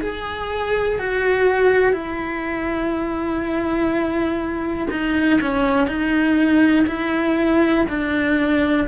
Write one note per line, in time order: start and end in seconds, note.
0.00 0.98 G#4
0.98 1.92 F#4
1.92 4.87 E4
4.90 5.39 D#4
5.41 5.87 C#4
5.87 6.85 D#4
6.87 7.85 E4
7.89 8.87 D4